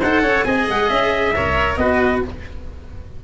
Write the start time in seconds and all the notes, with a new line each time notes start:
0.00 D#4 A4 C5 F#5
0.22 C#4 C#5
0.44 C4 G#4 D#5 G#5
0.69 G#3 F#5
0.90 C#4 E5
1.36 C2 A#4 C#5
1.77 B3 F#4 B4 D#5